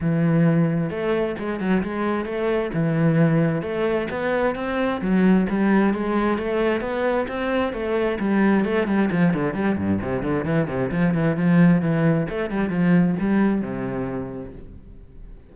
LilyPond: \new Staff \with { instrumentName = "cello" } { \time 4/4 \tempo 4 = 132 e2 a4 gis8 fis8 | gis4 a4 e2 | a4 b4 c'4 fis4 | g4 gis4 a4 b4 |
c'4 a4 g4 a8 g8 | f8 d8 g8 g,8 c8 d8 e8 c8 | f8 e8 f4 e4 a8 g8 | f4 g4 c2 | }